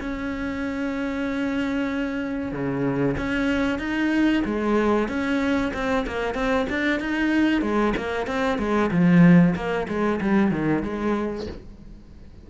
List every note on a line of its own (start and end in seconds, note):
0.00 2.52 C#4
2.52 3.16 C#3
3.17 3.79 C#4
3.79 4.43 D#4
4.45 5.08 G#3
5.08 5.72 C#4
5.74 6.06 C4
6.07 6.35 A#3
6.35 6.66 C4
6.69 7.00 D4
7.00 7.62 D#4
7.62 7.94 G#3
7.97 8.27 A#3
8.27 8.58 C4
8.58 8.90 G#3
8.91 9.55 F3
9.55 9.87 A#3
9.88 10.20 G#3
10.21 10.51 G3
10.51 10.83 D#3
10.83 11.47 G#3